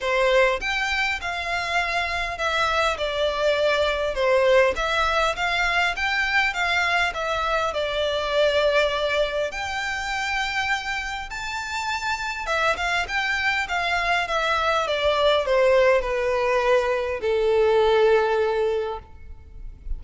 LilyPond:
\new Staff \with { instrumentName = "violin" } { \time 4/4 \tempo 4 = 101 c''4 g''4 f''2 | e''4 d''2 c''4 | e''4 f''4 g''4 f''4 | e''4 d''2. |
g''2. a''4~ | a''4 e''8 f''8 g''4 f''4 | e''4 d''4 c''4 b'4~ | b'4 a'2. | }